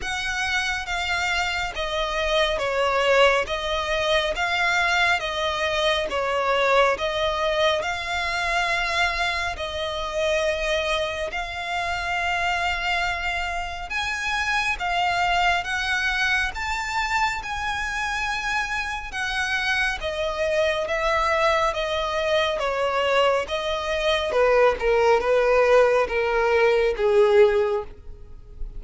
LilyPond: \new Staff \with { instrumentName = "violin" } { \time 4/4 \tempo 4 = 69 fis''4 f''4 dis''4 cis''4 | dis''4 f''4 dis''4 cis''4 | dis''4 f''2 dis''4~ | dis''4 f''2. |
gis''4 f''4 fis''4 a''4 | gis''2 fis''4 dis''4 | e''4 dis''4 cis''4 dis''4 | b'8 ais'8 b'4 ais'4 gis'4 | }